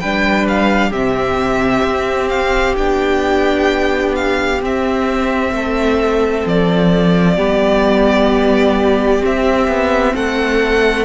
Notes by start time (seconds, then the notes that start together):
0.00 G3 D4 B4 G5
0.48 F5
0.89 C3 C4 G4 E5
1.83 C4
2.29 F5
2.77 B3 D4 G5
4.15 F5
4.61 C4 E5
5.52 A3 A4
6.46 F3 D5
7.36 G3 B3 G4
9.20 C4 E5
9.67 B3
10.15 A3 A4 F#5